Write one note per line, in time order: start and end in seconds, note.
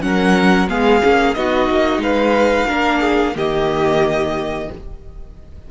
0.00 0.68 F#3
0.00 0.67 C#4
0.00 0.69 A#4
0.00 0.68 F#5
0.68 1.02 G#3
0.68 1.02 B3
0.68 1.36 G#4
0.68 1.34 F5
1.02 1.35 A#3
1.02 1.35 C#4
1.34 1.69 B3
1.34 2.67 D#4
1.34 2.02 F#4
1.34 2.00 D#5
1.69 1.97 A#3
1.97 2.64 G#3
1.97 2.67 B4
1.97 3.36 F5
2.67 3.35 A#3
2.67 3.34 D4
2.67 3.00 A#4
3.00 3.33 G#4
3.35 4.69 D#3
3.35 4.68 A#3
3.35 4.69 G4
3.35 4.71 D#5